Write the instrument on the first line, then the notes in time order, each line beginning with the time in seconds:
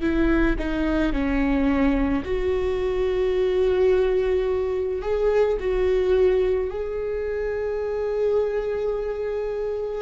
viola
0.00 E4
0.58 D#4
1.12 C#4
2.24 F#4
5.02 G#4
5.60 F#4
6.70 G#4